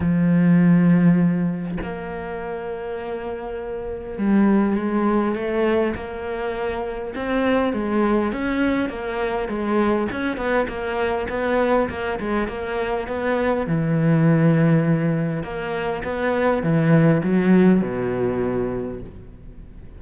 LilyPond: \new Staff \with { instrumentName = "cello" } { \time 4/4 \tempo 4 = 101 f2. ais4~ | ais2. g4 | gis4 a4 ais2 | c'4 gis4 cis'4 ais4 |
gis4 cis'8 b8 ais4 b4 | ais8 gis8 ais4 b4 e4~ | e2 ais4 b4 | e4 fis4 b,2 | }